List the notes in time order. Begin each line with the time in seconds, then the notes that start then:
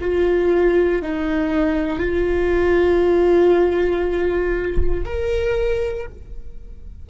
0.00 F4
1.02 D#4
1.99 F4
5.05 A#4